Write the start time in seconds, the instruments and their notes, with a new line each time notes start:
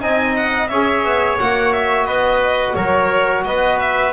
0.00 double bass C4, trombone D#4, trumpet D#5, violin G#5
0.36 violin F#5
0.68 double bass C#4, trombone G#4, trumpet C#5, violin E5
1.04 double bass B3
1.39 double bass A#3, trombone F#4, violin F#5
1.72 violin E5
2.06 double bass B3, trumpet B4, violin D#5
2.75 double bass F#3, trumpet A#4, violin C#5
3.44 double bass B3, trumpet B4, violin D#5
3.79 violin E5